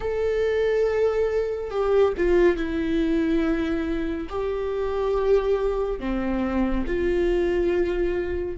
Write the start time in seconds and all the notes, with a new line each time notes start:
0.00 A4
1.70 G4
2.17 F4
2.56 E4
4.29 G4
5.99 C4
6.86 F4